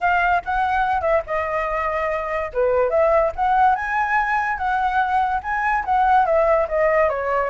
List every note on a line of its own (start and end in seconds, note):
0.01 0.42 F5
0.44 1.01 F#5
1.01 1.22 E5
1.26 2.51 D#5
2.53 2.90 B4
2.90 3.31 E5
3.35 3.75 F#5
3.75 4.57 G#5
4.57 5.41 F#5
5.42 5.84 G#5
5.84 6.25 F#5
6.25 6.67 E5
6.68 7.09 D#5
7.09 7.50 C#5